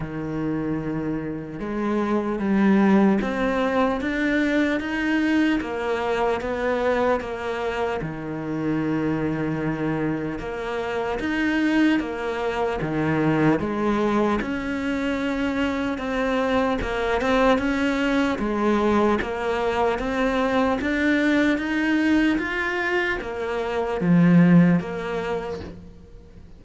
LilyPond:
\new Staff \with { instrumentName = "cello" } { \time 4/4 \tempo 4 = 75 dis2 gis4 g4 | c'4 d'4 dis'4 ais4 | b4 ais4 dis2~ | dis4 ais4 dis'4 ais4 |
dis4 gis4 cis'2 | c'4 ais8 c'8 cis'4 gis4 | ais4 c'4 d'4 dis'4 | f'4 ais4 f4 ais4 | }